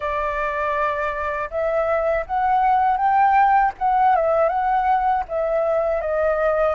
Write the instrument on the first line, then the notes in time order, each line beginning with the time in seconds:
flute
0.00 D5
1.50 E5
2.26 F#5
2.97 G5
3.78 F#5
4.15 E5
4.49 F#5
5.28 E5
6.01 D#5